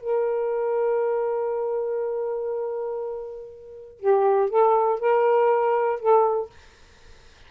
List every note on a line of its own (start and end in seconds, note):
0.00 4.00 A#4
4.00 4.50 G4
4.50 5.00 A4
5.00 6.00 A#4
6.00 6.50 A4